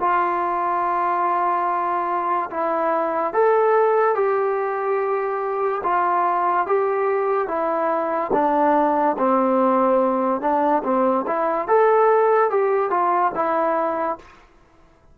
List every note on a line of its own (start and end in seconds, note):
0.00 2.50 F4
2.51 3.33 E4
3.33 4.16 A4
4.16 5.82 G4
5.84 6.67 F4
6.67 7.48 G4
7.48 8.31 E4
8.33 9.17 D4
9.19 10.41 C4
10.41 10.83 D4
10.84 11.26 C4
11.27 11.68 E4
11.68 12.50 A4
12.50 12.91 G4
12.91 13.32 F4
13.35 14.19 E4